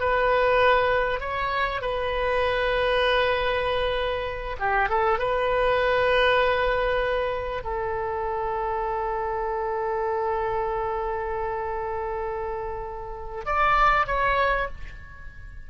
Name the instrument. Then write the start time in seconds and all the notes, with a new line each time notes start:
oboe
0.00 B4
1.20 C#5
1.81 B4
4.59 G4
4.89 A4
5.18 B4
7.63 A4
13.45 D5
14.07 C#5